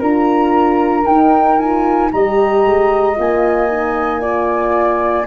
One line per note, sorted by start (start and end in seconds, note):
0.00 1.07 D4
0.00 1.05 F4
0.00 2.11 A#4
0.00 1.06 A#5
1.05 1.57 D#4
1.05 2.13 D#4
1.05 1.59 G5
1.59 2.12 F4
1.59 2.12 G#5
2.12 2.66 G3
2.12 3.16 G4
2.12 4.22 D#5
2.12 3.17 A#5
2.66 3.18 G#3
3.16 5.27 A#3
3.16 3.69 F4
3.16 5.27 G#5
3.69 4.21 D#4
4.21 5.26 F4
4.21 5.27 D5